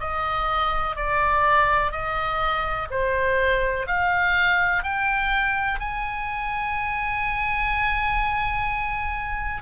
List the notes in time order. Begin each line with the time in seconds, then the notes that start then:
0.00 D#5
0.96 D5
1.91 D#5
2.90 C5
3.87 F5
4.83 G5
5.79 G#5